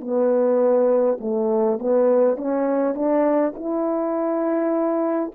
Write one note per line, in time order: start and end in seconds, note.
0.00 1.18 B3
1.20 1.79 A3
1.79 2.37 B3
2.37 2.95 C#4
2.95 3.53 D4
3.55 5.32 E4